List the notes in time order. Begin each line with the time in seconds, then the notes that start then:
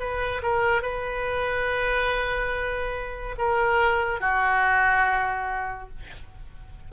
0.00 B4
0.43 A#4
0.83 B4
3.38 A#4
4.21 F#4